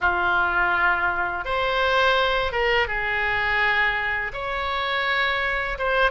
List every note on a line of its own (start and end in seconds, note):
0.00 1.45 F4
1.45 2.52 C5
2.52 2.87 A#4
2.87 4.32 G#4
4.33 5.78 C#5
5.78 6.11 C5